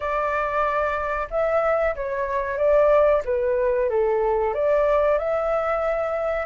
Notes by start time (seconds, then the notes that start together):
0.00 D5
1.30 E5
1.95 C#5
2.57 D5
3.25 B4
3.89 A4
4.53 D5
5.18 E5